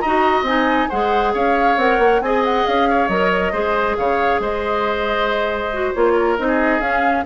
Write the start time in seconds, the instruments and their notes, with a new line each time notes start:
0.00 bassoon D#4, clarinet F#4, oboe D#5, flute A#5
0.42 bassoon C4, clarinet D#4, flute G#5
0.89 bassoon G#3, clarinet G#4, oboe C5, flute F#5
1.34 bassoon C#4, oboe C#5, flute F5
1.77 bassoon C4, clarinet A#4, flute F#5
1.99 bassoon A#3
2.20 bassoon C4, clarinet G#4, oboe D#5, flute G#5
2.44 flute F#5
2.66 bassoon C#4, flute F5
2.89 oboe C#5
3.08 bassoon F#3, clarinet A#4, flute D#5
3.52 bassoon G#3, clarinet G#4, oboe C5
3.97 bassoon C#3, oboe C#5, flute F5
4.39 bassoon G#3, oboe C5, flute D#5
5.73 clarinet F#4
5.93 bassoon A#3, clarinet F4, flute C#5
6.14 oboe A#4
6.38 bassoon C4, clarinet D#4, flute D#5
6.48 oboe G#4
6.80 bassoon C#4, clarinet C#4, flute F5